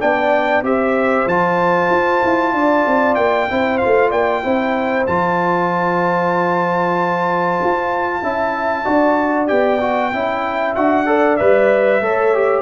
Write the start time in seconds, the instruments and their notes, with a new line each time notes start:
0.00 tuba B3, trombone D4, horn D5, trumpet G5
0.62 tuba C4, trombone G4, horn C5, trumpet E5
1.26 tuba F3, trombone F4, trumpet A5
1.90 tuba F4
2.24 tuba E4
2.54 tuba D4, horn D5
2.87 tuba C4
3.15 tuba A#3, trumpet G5
3.49 tuba C4, trombone E4, horn C5
3.78 trombone F4, trumpet F5
3.85 tuba A3
4.10 tuba A#3, horn D5, trumpet G5
4.43 tuba C4, trombone E4, horn C5
5.07 tuba F3, trombone F4, trumpet A5
7.63 tuba F4
8.22 tuba C#4, trombone E4, horn E5
8.85 tuba D4, trombone F#4, horn D5
9.47 tuba B3, trombone G4, trumpet G5
9.81 trombone F#4
10.12 tuba C#4, trombone E4, horn E5
10.75 tuba D4, trombone F#4, trumpet F#5
11.06 trombone A4, horn D5
11.37 tuba G3, trombone B4, trumpet E5
12.01 tuba A3, trombone A4, horn C#5
12.34 trombone G4